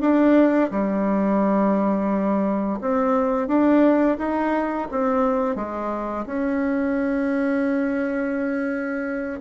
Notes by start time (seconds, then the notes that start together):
0.00 D4
0.70 G3
2.81 C4
3.47 D4
4.18 D#4
4.91 C4
5.55 G#3
6.26 C#4